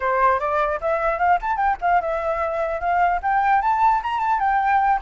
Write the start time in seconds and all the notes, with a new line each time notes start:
0.00 C5
0.39 D5
0.80 E5
1.19 F5
1.41 A5
1.56 G5
1.81 F5
2.01 E5
2.80 F5
3.22 G5
3.61 A5
4.03 A#5
4.19 A5
4.39 G5